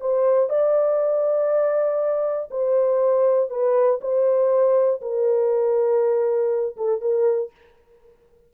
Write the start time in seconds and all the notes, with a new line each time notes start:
0.00 C5
0.49 D5
2.50 C5
3.50 B4
4.01 C5
5.01 A#4
6.76 A4
7.01 A#4